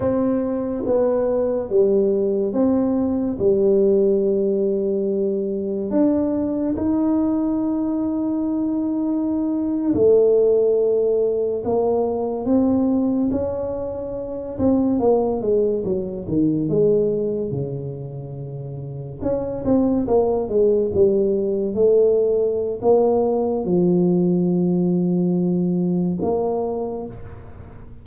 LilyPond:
\new Staff \with { instrumentName = "tuba" } { \time 4/4 \tempo 4 = 71 c'4 b4 g4 c'4 | g2. d'4 | dis'2.~ dis'8. a16~ | a4.~ a16 ais4 c'4 cis'16~ |
cis'4~ cis'16 c'8 ais8 gis8 fis8 dis8 gis16~ | gis8. cis2 cis'8 c'8 ais16~ | ais16 gis8 g4 a4~ a16 ais4 | f2. ais4 | }